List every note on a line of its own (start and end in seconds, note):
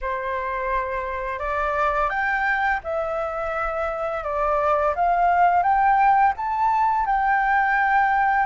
0.01 1.39 C5
1.39 2.09 D5
2.09 2.80 G5
2.83 4.23 E5
4.23 4.94 D5
4.95 5.62 F5
5.62 6.33 G5
6.36 7.06 A5
7.06 8.45 G5